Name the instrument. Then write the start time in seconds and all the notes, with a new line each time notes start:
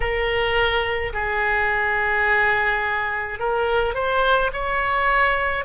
oboe
0.00 A#4
1.13 G#4
3.39 A#4
3.94 C5
4.52 C#5